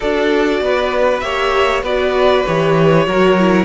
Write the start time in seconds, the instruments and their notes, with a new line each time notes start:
0.00 cello D4, viola F#4, violin A4 D5
0.60 cello B3, violin B4
1.19 cello A#3, viola G4, violin C#5 E5
1.82 cello B3, viola F#4, violin B4 D5
2.46 cello E3, viola G4, violin C#5
3.06 cello F#3, viola F#4, violin A#4
3.39 viola E4